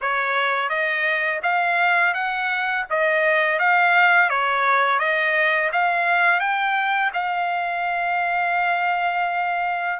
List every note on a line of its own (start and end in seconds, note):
0.01 0.69 C#5
0.69 1.40 D#5
1.42 2.14 F5
2.14 2.85 F#5
2.90 3.59 D#5
3.59 4.29 F5
4.29 4.99 C#5
4.99 5.70 D#5
5.72 6.39 F5
6.39 7.11 G5
7.13 9.99 F5